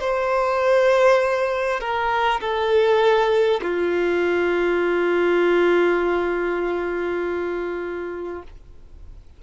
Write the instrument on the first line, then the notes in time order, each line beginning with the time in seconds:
violin
0.00 C5
1.80 A#4
2.41 A4
3.62 F4